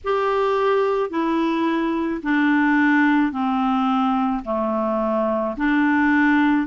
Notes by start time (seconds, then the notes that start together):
0.04 G4
1.10 E4
2.22 D4
3.32 C4
4.44 A3
5.56 D4